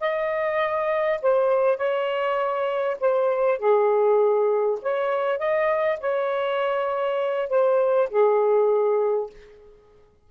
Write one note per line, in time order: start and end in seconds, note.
0.00 1.20 D#5
1.22 1.77 C5
1.77 2.97 C#5
3.00 3.59 C5
3.59 4.79 G#4
4.82 5.39 C#5
5.39 5.99 D#5
6.00 7.49 C#5
7.49 8.09 C5
8.10 9.30 G#4